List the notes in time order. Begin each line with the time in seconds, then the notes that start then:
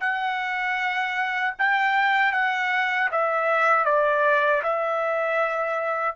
0.00 F#5
1.59 G5
2.32 F#5
3.11 E5
3.85 D5
4.63 E5